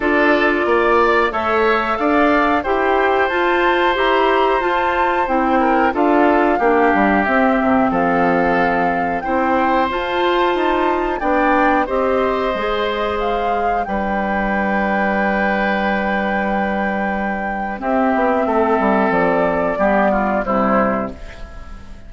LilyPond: <<
  \new Staff \with { instrumentName = "flute" } { \time 4/4 \tempo 4 = 91 d''2 e''4 f''4 | g''4 a''4 ais''4 a''4 | g''4 f''2 e''4 | f''2 g''4 a''4~ |
a''4 g''4 dis''2 | f''4 g''2.~ | g''2. e''4~ | e''4 d''2 c''4 | }
  \new Staff \with { instrumentName = "oboe" } { \time 4/4 a'4 d''4 cis''4 d''4 | c''1~ | c''8 ais'8 a'4 g'2 | a'2 c''2~ |
c''4 d''4 c''2~ | c''4 b'2.~ | b'2. g'4 | a'2 g'8 f'8 e'4 | }
  \new Staff \with { instrumentName = "clarinet" } { \time 4/4 f'2 a'2 | g'4 f'4 g'4 f'4 | e'4 f'4 d'4 c'4~ | c'2 e'4 f'4~ |
f'4 d'4 g'4 gis'4~ | gis'4 d'2.~ | d'2. c'4~ | c'2 b4 g4 | }
  \new Staff \with { instrumentName = "bassoon" } { \time 4/4 d'4 ais4 a4 d'4 | e'4 f'4 e'4 f'4 | c'4 d'4 ais8 g8 c'8 c8 | f2 c'4 f'4 |
dis'4 b4 c'4 gis4~ | gis4 g2.~ | g2. c'8 b8 | a8 g8 f4 g4 c4 | }
>>